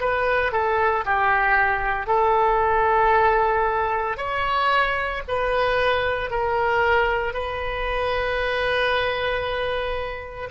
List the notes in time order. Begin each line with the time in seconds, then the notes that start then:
0.00 B4
0.52 A4
1.05 G4
2.07 A4
4.17 C#5
5.28 B4
6.31 A#4
7.33 B4